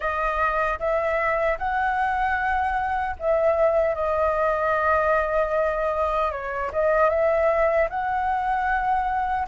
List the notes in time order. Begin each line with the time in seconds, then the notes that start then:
0.00 D#5
0.79 E5
1.58 F#5
3.19 E5
3.94 D#5
6.31 C#5
6.72 D#5
7.09 E5
7.89 F#5